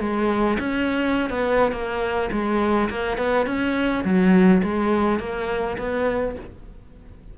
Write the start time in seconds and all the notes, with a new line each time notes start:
0.00 G#3
0.60 C#4
1.30 B3
1.72 A#3
2.32 G#3
2.90 A#3
3.18 B3
3.46 C#4
4.04 F#3
4.63 G#3
5.19 A#3
5.78 B3